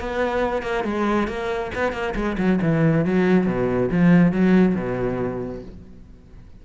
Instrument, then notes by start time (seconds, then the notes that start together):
cello
0.00 B3
0.63 A#3
0.84 G#3
1.28 A#3
1.75 B3
1.92 A#3
2.15 G#3
2.38 F#3
2.62 E3
3.05 F#3
3.46 B2
3.91 F3
4.32 F#3
4.75 B2